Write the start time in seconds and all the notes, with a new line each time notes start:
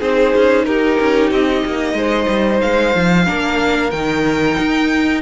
0.00 C4 D#4 G#4 C5
0.35 C#4
0.65 D#4 G4 A#4
1.00 C#4
1.31 C4 D#5
1.65 A#3
1.94 G#3 C5
2.28 G3
2.61 G#3 F5
2.95 F3
3.26 A#3 D4 A#4
3.91 D#3 D#4 G5
4.59 D#4